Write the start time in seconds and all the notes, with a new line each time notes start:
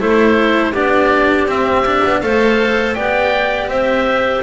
0.00 A3 E4 A4 C5
0.72 B3 D4 G4 D5
1.46 C4 E5
1.86 D4
2.05 B3
2.21 A3 A4 C5 F5
2.94 B3 G4 D5 G5
3.68 C4 C5 E5